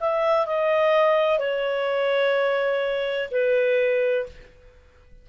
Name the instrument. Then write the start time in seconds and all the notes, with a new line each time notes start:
clarinet
0.00 E5
0.46 D#5
1.39 C#5
3.31 B4